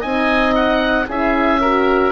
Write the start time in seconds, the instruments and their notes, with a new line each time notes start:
0.00 bassoon C4, horn D#4, oboe D#5 G#5
0.55 oboe F#5
1.07 bassoon C#4, horn E4, oboe G#4 E5
1.61 horn F#4, oboe A#4